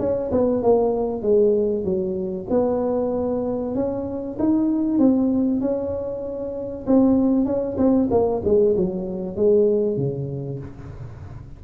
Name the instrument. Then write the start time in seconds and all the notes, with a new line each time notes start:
tuba
0.00 C#4
0.32 B3
0.63 A#3
1.23 G#3
1.85 F#3
2.50 B3
3.76 C#4
4.40 D#4
4.99 C4
5.61 C#4
6.87 C4
7.46 C#4
7.78 C4
8.11 A#3
8.45 G#3
8.77 F#3
9.37 G#3
9.97 C#3